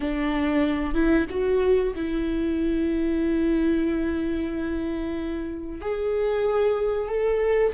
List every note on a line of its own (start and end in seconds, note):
0.00 0.94 D4
0.94 1.26 E4
1.29 1.94 F#4
1.95 5.81 E4
5.81 7.08 G#4
7.08 7.73 A4